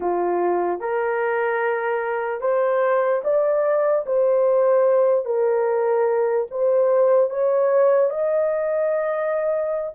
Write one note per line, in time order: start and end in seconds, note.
0.00 0.80 F4
0.80 2.41 A#4
2.41 3.22 C5
3.24 4.05 D5
4.06 5.25 C5
5.25 6.46 A#4
6.50 7.30 C5
7.30 8.09 C#5
8.09 9.92 D#5